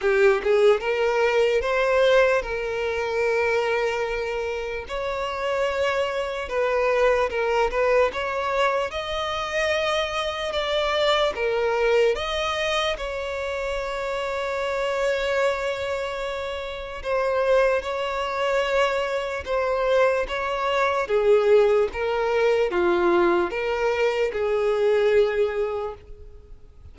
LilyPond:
\new Staff \with { instrumentName = "violin" } { \time 4/4 \tempo 4 = 74 g'8 gis'8 ais'4 c''4 ais'4~ | ais'2 cis''2 | b'4 ais'8 b'8 cis''4 dis''4~ | dis''4 d''4 ais'4 dis''4 |
cis''1~ | cis''4 c''4 cis''2 | c''4 cis''4 gis'4 ais'4 | f'4 ais'4 gis'2 | }